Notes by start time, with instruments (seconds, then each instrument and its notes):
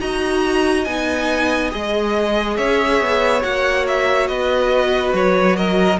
0.00 cello D#4, viola F#4, violin D#5 A#5
0.85 cello B3, viola D#4, violin G#5
1.71 cello G#3, viola G#4, violin D#5
2.57 cello C#4, violin C#5 E5
3.01 cello B3
3.41 cello A#3, viola F#4, violin F#5
3.88 violin E5
4.28 cello B3, violin B4 D#5
5.13 cello F#3, violin C#5
5.57 violin A#4 D#5